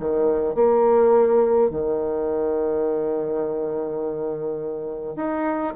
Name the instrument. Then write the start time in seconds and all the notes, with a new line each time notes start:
bassoon
0.00 D#3
0.55 A#3
1.70 D#3
5.16 D#4